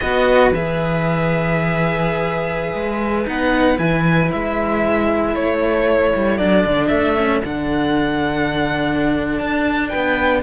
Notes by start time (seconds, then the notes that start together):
0.00 B3 F#4 B4 D#5
0.52 E3 G#4 E5
2.74 G#3
3.24 B3 D#4 F#5
3.78 E3 E4 G#5
4.32 G#3 E5
5.33 A3 A4 C#5
6.15 G3
6.37 F#3 D4 D5
6.65 D3
6.87 A3 E5
7.16 C#4
7.44 D3 D4 F#5
9.38 D4 A5
9.88 B4 G5
9.95 B3